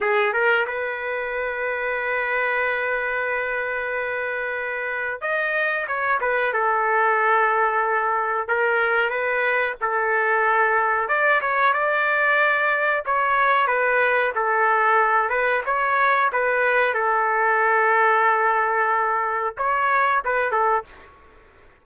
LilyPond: \new Staff \with { instrumentName = "trumpet" } { \time 4/4 \tempo 4 = 92 gis'8 ais'8 b'2.~ | b'1 | dis''4 cis''8 b'8 a'2~ | a'4 ais'4 b'4 a'4~ |
a'4 d''8 cis''8 d''2 | cis''4 b'4 a'4. b'8 | cis''4 b'4 a'2~ | a'2 cis''4 b'8 a'8 | }